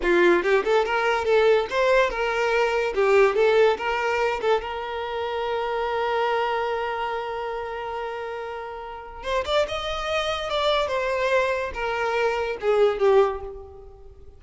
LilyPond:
\new Staff \with { instrumentName = "violin" } { \time 4/4 \tempo 4 = 143 f'4 g'8 a'8 ais'4 a'4 | c''4 ais'2 g'4 | a'4 ais'4. a'8 ais'4~ | ais'1~ |
ais'1~ | ais'2 c''8 d''8 dis''4~ | dis''4 d''4 c''2 | ais'2 gis'4 g'4 | }